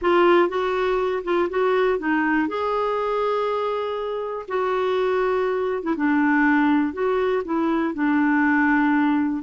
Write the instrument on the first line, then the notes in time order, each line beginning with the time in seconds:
clarinet
0.01 F4
0.48 F#4
1.24 F4
1.49 F#4
1.98 D#4
2.47 G#4
4.48 F#4
5.82 E4
5.96 D4
6.93 F#4
7.44 E4
7.94 D4